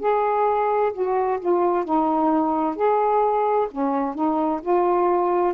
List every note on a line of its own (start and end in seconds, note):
0.00 0.92 G#4
0.94 1.40 F#4
1.40 1.85 F4
1.85 2.76 D#4
2.76 3.68 G#4
3.71 4.15 C#4
4.15 4.61 D#4
4.62 5.54 F4